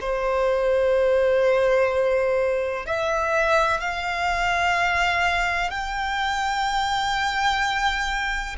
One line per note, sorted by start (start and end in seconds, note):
0.00 2.86 C5
2.86 3.80 E5
3.80 5.70 F5
5.70 8.56 G5